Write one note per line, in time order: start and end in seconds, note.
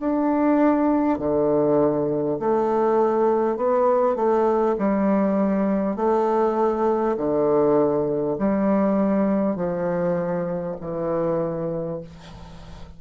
0.00 1.19 D4
1.19 2.39 D3
2.40 3.57 A3
3.57 4.16 B3
4.16 4.76 A3
4.78 5.97 G3
5.97 7.17 A3
7.18 8.38 D3
8.39 9.56 G3
9.56 10.76 F3
10.81 12.01 E3